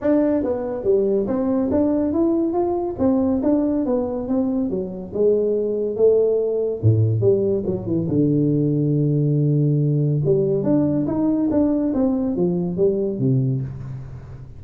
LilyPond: \new Staff \with { instrumentName = "tuba" } { \time 4/4 \tempo 4 = 141 d'4 b4 g4 c'4 | d'4 e'4 f'4 c'4 | d'4 b4 c'4 fis4 | gis2 a2 |
a,4 g4 fis8 e8 d4~ | d1 | g4 d'4 dis'4 d'4 | c'4 f4 g4 c4 | }